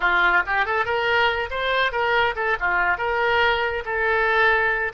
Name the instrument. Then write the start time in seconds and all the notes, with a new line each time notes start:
oboe
0.00 F4
0.46 G4
0.65 A4
0.85 A#4
1.50 C5
1.92 A#4
2.35 A4
2.59 F4
2.97 A#4
3.85 A4